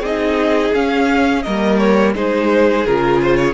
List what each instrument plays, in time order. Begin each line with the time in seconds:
0.00 cello C4, viola D#4, violin G#4 D#5
0.74 cello C#4, viola C#4, violin F5
1.42 cello G3, viola A#3, violin A#4 D#5
1.77 violin C#5
2.14 cello G#3, viola D#4, violin G#4 C5
2.86 cello C#3, viola F4, violin A#4
3.21 violin C5
3.36 violin C#5